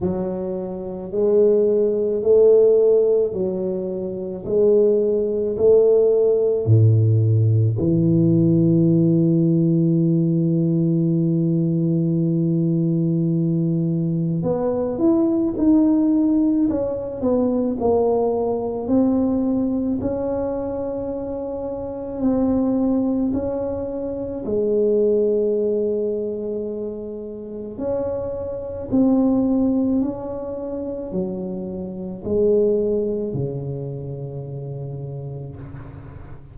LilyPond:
\new Staff \with { instrumentName = "tuba" } { \time 4/4 \tempo 4 = 54 fis4 gis4 a4 fis4 | gis4 a4 a,4 e4~ | e1~ | e4 b8 e'8 dis'4 cis'8 b8 |
ais4 c'4 cis'2 | c'4 cis'4 gis2~ | gis4 cis'4 c'4 cis'4 | fis4 gis4 cis2 | }